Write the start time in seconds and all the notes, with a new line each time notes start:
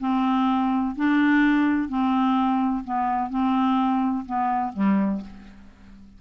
0.00 C4
0.96 D4
1.89 C4
2.84 B3
3.30 C4
4.26 B3
4.73 G3